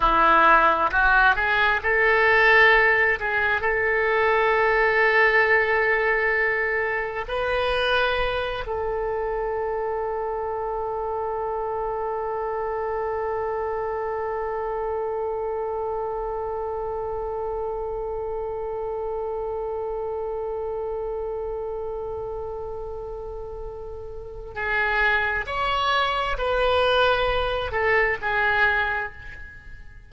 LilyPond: \new Staff \with { instrumentName = "oboe" } { \time 4/4 \tempo 4 = 66 e'4 fis'8 gis'8 a'4. gis'8 | a'1 | b'4. a'2~ a'8~ | a'1~ |
a'1~ | a'1~ | a'2. gis'4 | cis''4 b'4. a'8 gis'4 | }